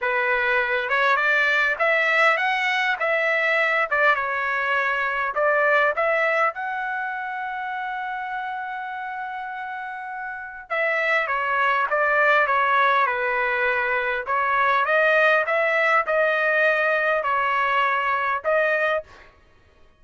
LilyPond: \new Staff \with { instrumentName = "trumpet" } { \time 4/4 \tempo 4 = 101 b'4. cis''8 d''4 e''4 | fis''4 e''4. d''8 cis''4~ | cis''4 d''4 e''4 fis''4~ | fis''1~ |
fis''2 e''4 cis''4 | d''4 cis''4 b'2 | cis''4 dis''4 e''4 dis''4~ | dis''4 cis''2 dis''4 | }